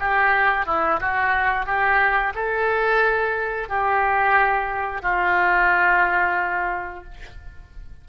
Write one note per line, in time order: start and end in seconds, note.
0.00 0.66 G4
0.66 1.00 E4
1.01 1.66 F#4
1.66 2.34 G4
2.35 3.69 A4
3.69 5.02 G4
5.02 7.04 F4